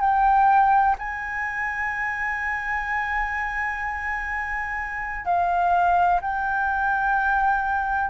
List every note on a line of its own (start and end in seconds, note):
0.00 0.95 G5
0.98 5.25 G#5
5.25 6.20 F5
6.21 8.10 G5